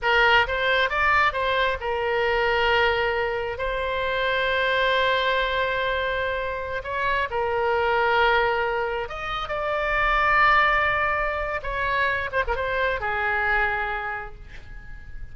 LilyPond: \new Staff \with { instrumentName = "oboe" } { \time 4/4 \tempo 4 = 134 ais'4 c''4 d''4 c''4 | ais'1 | c''1~ | c''2.~ c''16 cis''8.~ |
cis''16 ais'2.~ ais'8.~ | ais'16 dis''4 d''2~ d''8.~ | d''2 cis''4. c''16 ais'16 | c''4 gis'2. | }